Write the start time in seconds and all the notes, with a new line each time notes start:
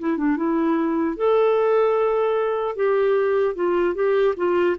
0.00 E4
0.18 D4
0.37 E4
1.17 A4
2.76 G4
3.55 F4
3.95 G4
4.37 F4